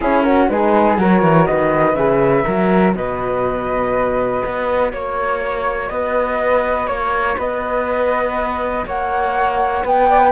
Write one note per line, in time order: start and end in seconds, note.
0.00 0.48 C#4
0.00 0.49 C#4
0.00 0.25 E4
0.00 0.21 G#4
0.21 0.49 F#4
0.21 0.46 A#4
0.48 0.98 G#3
0.48 0.96 D#4
0.48 0.99 G#4
0.48 0.97 B4
0.96 1.21 F#3
0.96 1.95 F#4
0.96 1.48 A#4
0.96 1.46 C#5
1.21 1.46 E3
1.46 1.94 D#3
1.46 2.45 B4
1.46 1.95 D#5
1.94 2.44 C#3
1.94 2.46 G#4
1.94 2.93 E5
2.45 2.94 F#3
2.45 10.31 F#4
2.45 2.94 A#4
2.94 4.42 B2
2.94 4.92 B4
2.94 4.91 D#5
4.45 4.93 B3
4.91 5.90 A#3
4.91 5.89 C#5
4.91 5.90 C#5
5.89 6.87 B3
5.89 6.88 B4
5.89 6.86 D#5
6.86 7.36 A#3
6.86 7.35 C#5
6.86 7.37 C#5
7.37 8.85 B3
7.37 8.85 B4
7.37 8.86 D#5
8.85 9.83 A#3
8.85 9.83 C#5
8.85 9.85 F#5
9.83 10.31 B3
9.83 10.08 B4
9.83 10.31 G5
10.09 10.19 D5
10.19 10.31 B4